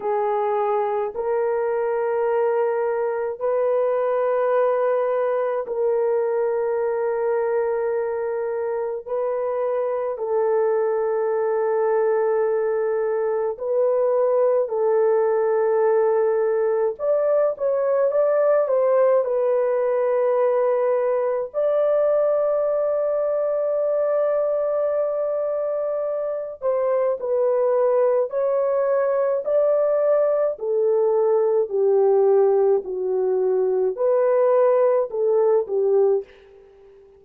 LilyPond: \new Staff \with { instrumentName = "horn" } { \time 4/4 \tempo 4 = 53 gis'4 ais'2 b'4~ | b'4 ais'2. | b'4 a'2. | b'4 a'2 d''8 cis''8 |
d''8 c''8 b'2 d''4~ | d''2.~ d''8 c''8 | b'4 cis''4 d''4 a'4 | g'4 fis'4 b'4 a'8 g'8 | }